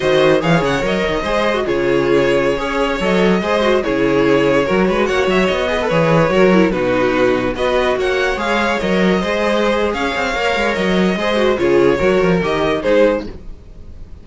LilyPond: <<
  \new Staff \with { instrumentName = "violin" } { \time 4/4 \tempo 4 = 145 dis''4 f''8 fis''8 dis''2 | cis''2.~ cis''16 dis''8.~ | dis''4~ dis''16 cis''2~ cis''8.~ | cis''16 fis''8 e''8 dis''4 cis''4.~ cis''16~ |
cis''16 b'2 dis''4 fis''8.~ | fis''16 f''4 dis''2~ dis''8. | f''2 dis''2 | cis''2 dis''4 c''4 | }
  \new Staff \with { instrumentName = "violin" } { \time 4/4 c''4 cis''2 c''4 | gis'2~ gis'16 cis''4.~ cis''16~ | cis''16 c''4 gis'2 ais'8 b'16~ | b'16 cis''4. b'4. ais'8.~ |
ais'16 fis'2 b'4 cis''8.~ | cis''2~ cis''16 c''4.~ c''16 | cis''2. c''4 | gis'4 ais'2 gis'4 | }
  \new Staff \with { instrumentName = "viola" } { \time 4/4 fis'4 gis'4 ais'4 gis'8. fis'16 | f'2~ f'16 gis'4 a'8.~ | a'16 gis'8 fis'8 e'2 fis'8.~ | fis'4.~ fis'16 gis'16 a'16 gis'4 fis'8 e'16~ |
e'16 dis'2 fis'4.~ fis'16~ | fis'16 gis'4 ais'4 gis'4.~ gis'16~ | gis'4 ais'2 gis'8 fis'8 | f'4 fis'4 g'4 dis'4 | }
  \new Staff \with { instrumentName = "cello" } { \time 4/4 dis4 e8 cis8 fis8 dis8 gis4 | cis2~ cis16 cis'4 fis8.~ | fis16 gis4 cis2 fis8 gis16~ | gis16 ais8 fis8 b4 e4 fis8.~ |
fis16 b,2 b4 ais8.~ | ais16 gis4 fis4 gis4.~ gis16 | cis'8 c'8 ais8 gis8 fis4 gis4 | cis4 fis8 f8 dis4 gis4 | }
>>